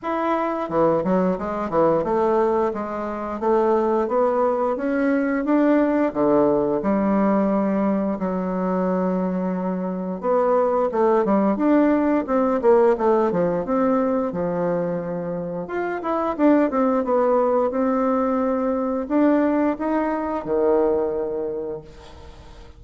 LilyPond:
\new Staff \with { instrumentName = "bassoon" } { \time 4/4 \tempo 4 = 88 e'4 e8 fis8 gis8 e8 a4 | gis4 a4 b4 cis'4 | d'4 d4 g2 | fis2. b4 |
a8 g8 d'4 c'8 ais8 a8 f8 | c'4 f2 f'8 e'8 | d'8 c'8 b4 c'2 | d'4 dis'4 dis2 | }